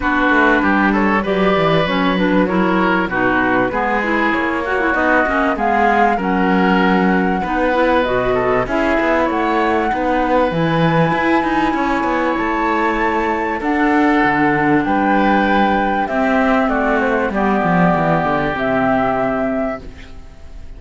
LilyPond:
<<
  \new Staff \with { instrumentName = "flute" } { \time 4/4 \tempo 4 = 97 b'4. cis''8 d''4 cis''8 b'8 | cis''4 b'2 cis''4 | dis''4 f''4 fis''2~ | fis''4 dis''4 e''4 fis''4~ |
fis''4 gis''2. | a''2 fis''2 | g''2 e''4 d''8 c''8 | d''2 e''2 | }
  \new Staff \with { instrumentName = "oboe" } { \time 4/4 fis'4 g'8 a'8 b'2 | ais'4 fis'4 gis'4. fis'8~ | fis'4 gis'4 ais'2 | b'4. a'8 gis'4 cis''4 |
b'2. cis''4~ | cis''2 a'2 | b'2 g'4 fis'4 | g'1 | }
  \new Staff \with { instrumentName = "clarinet" } { \time 4/4 d'2 g'4 cis'8 d'8 | e'4 dis'4 b8 e'4 fis'16 e'16 | dis'8 cis'8 b4 cis'2 | dis'8 e'8 fis'4 e'2 |
dis'4 e'2.~ | e'2 d'2~ | d'2 c'2 | b2 c'2 | }
  \new Staff \with { instrumentName = "cello" } { \time 4/4 b8 a8 g4 fis8 e8 fis4~ | fis4 b,4 gis4 ais4 | b8 ais8 gis4 fis2 | b4 b,4 cis'8 b8 a4 |
b4 e4 e'8 dis'8 cis'8 b8 | a2 d'4 d4 | g2 c'4 a4 | g8 f8 e8 d8 c2 | }
>>